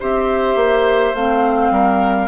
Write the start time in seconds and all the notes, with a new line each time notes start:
0.00 C4 G4 C5 E5
0.56 A#3
1.14 A3 C4 F5
1.71 G3 A#4